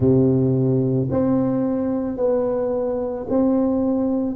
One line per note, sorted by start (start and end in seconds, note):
0.00 1.08 C3
1.10 2.17 C4
2.17 3.26 B3
3.29 4.36 C4